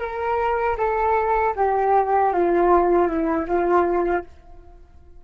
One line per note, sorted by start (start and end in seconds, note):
0.00 0.77 A#4
0.78 1.55 A4
1.56 2.33 G4
2.34 3.08 F4
3.08 3.47 E4
3.48 4.25 F4